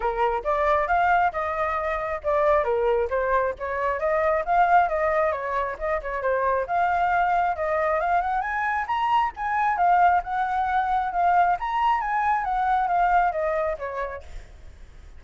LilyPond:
\new Staff \with { instrumentName = "flute" } { \time 4/4 \tempo 4 = 135 ais'4 d''4 f''4 dis''4~ | dis''4 d''4 ais'4 c''4 | cis''4 dis''4 f''4 dis''4 | cis''4 dis''8 cis''8 c''4 f''4~ |
f''4 dis''4 f''8 fis''8 gis''4 | ais''4 gis''4 f''4 fis''4~ | fis''4 f''4 ais''4 gis''4 | fis''4 f''4 dis''4 cis''4 | }